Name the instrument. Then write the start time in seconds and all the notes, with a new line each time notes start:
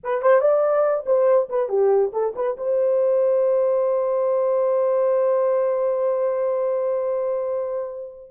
horn
0.03 B4
0.21 C5
0.40 D5
1.06 C5
1.49 B4
1.68 G4
2.12 A4
2.35 B4
2.57 C5